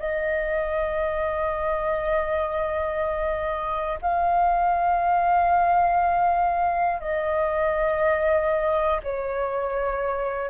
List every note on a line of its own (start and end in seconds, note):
0.00 4.00 D#5
4.02 7.01 F5
7.01 9.01 D#5
9.04 10.50 C#5